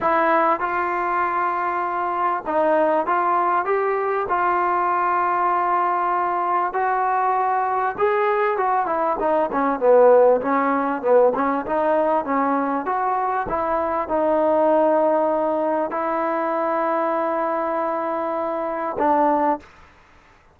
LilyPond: \new Staff \with { instrumentName = "trombone" } { \time 4/4 \tempo 4 = 98 e'4 f'2. | dis'4 f'4 g'4 f'4~ | f'2. fis'4~ | fis'4 gis'4 fis'8 e'8 dis'8 cis'8 |
b4 cis'4 b8 cis'8 dis'4 | cis'4 fis'4 e'4 dis'4~ | dis'2 e'2~ | e'2. d'4 | }